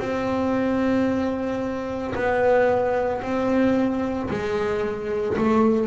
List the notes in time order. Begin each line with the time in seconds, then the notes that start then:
0.00 C4
2.15 B3
3.22 C4
4.30 G#3
5.37 A3